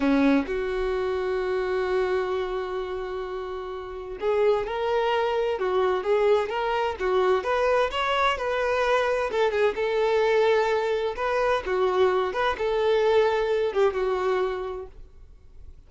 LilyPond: \new Staff \with { instrumentName = "violin" } { \time 4/4 \tempo 4 = 129 cis'4 fis'2.~ | fis'1~ | fis'4 gis'4 ais'2 | fis'4 gis'4 ais'4 fis'4 |
b'4 cis''4 b'2 | a'8 gis'8 a'2. | b'4 fis'4. b'8 a'4~ | a'4. g'8 fis'2 | }